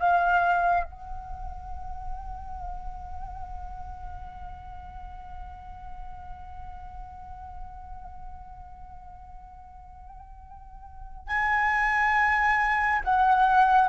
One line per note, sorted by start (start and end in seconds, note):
0.00 0.84 F5
0.84 11.27 F#5
11.27 13.01 G#5
13.05 13.89 F#5